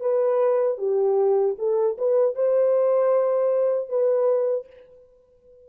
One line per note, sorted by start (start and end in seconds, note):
0.00 0.78 B4
0.78 1.56 G4
1.58 1.97 A4
1.98 2.35 B4
2.35 3.89 C5
3.89 4.67 B4